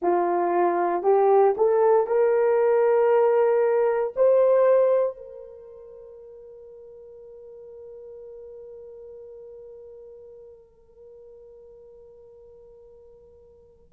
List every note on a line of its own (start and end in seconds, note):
0.02 1.03 F4
1.03 1.54 G4
1.57 2.06 A4
2.06 4.13 A#4
4.16 5.17 C5
5.17 13.92 A#4